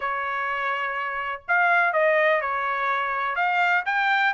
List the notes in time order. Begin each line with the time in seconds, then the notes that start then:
0.00 C#5
1.48 F5
1.92 D#5
2.41 C#5
3.35 F5
3.85 G5